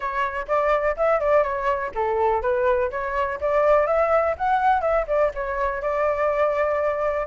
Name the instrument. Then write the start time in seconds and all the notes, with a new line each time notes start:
flute
0.00 C#5
0.47 D5
0.96 E5
1.20 D5
1.43 C#5
1.94 A4
2.41 B4
2.90 C#5
3.40 D5
3.86 E5
4.37 F#5
4.81 E5
5.07 D5
5.34 C#5
5.81 D5